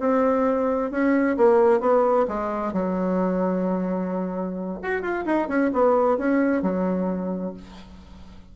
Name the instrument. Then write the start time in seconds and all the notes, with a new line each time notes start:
bassoon
0.00 C4
0.91 C#4
1.37 A#3
1.80 B3
2.28 G#3
2.73 F#3
4.83 F#4
5.02 F4
5.26 D#4
5.48 C#4
5.73 B3
6.18 C#4
6.62 F#3